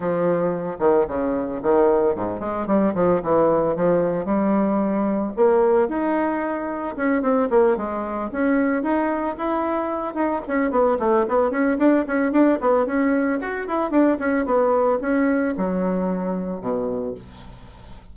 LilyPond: \new Staff \with { instrumentName = "bassoon" } { \time 4/4 \tempo 4 = 112 f4. dis8 cis4 dis4 | gis,8 gis8 g8 f8 e4 f4 | g2 ais4 dis'4~ | dis'4 cis'8 c'8 ais8 gis4 cis'8~ |
cis'8 dis'4 e'4. dis'8 cis'8 | b8 a8 b8 cis'8 d'8 cis'8 d'8 b8 | cis'4 fis'8 e'8 d'8 cis'8 b4 | cis'4 fis2 b,4 | }